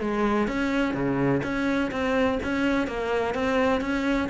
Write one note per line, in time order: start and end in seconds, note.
0.00 0.47 G#3
0.47 0.94 C#4
0.94 1.41 C#3
1.43 1.90 C#4
1.91 2.39 C4
2.43 2.87 C#4
2.87 3.34 A#3
3.34 3.81 C4
3.81 4.28 C#4